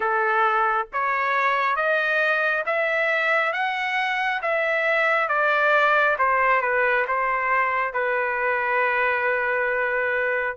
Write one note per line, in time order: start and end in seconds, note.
0.00 0.87 A4
0.92 1.76 C#5
1.76 2.64 D#5
2.66 3.53 E5
3.53 4.41 F#5
4.42 5.28 E5
5.28 6.16 D5
6.18 6.61 C5
6.61 7.05 B4
7.07 7.93 C5
7.93 10.57 B4